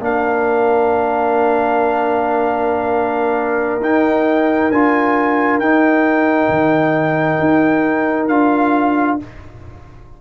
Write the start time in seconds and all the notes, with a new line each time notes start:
0.00 A#3 D4 A#4 F5
3.80 D#4 G5
4.70 D4 F4 G#5
5.59 D#4 G5
6.49 D#3
7.40 D#4
8.28 D4 F4 F5